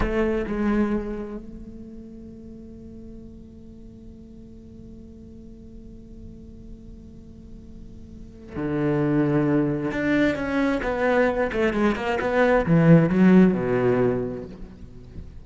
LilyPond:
\new Staff \with { instrumentName = "cello" } { \time 4/4 \tempo 4 = 133 a4 gis2 a4~ | a1~ | a1~ | a1~ |
a2. d4~ | d2 d'4 cis'4 | b4. a8 gis8 ais8 b4 | e4 fis4 b,2 | }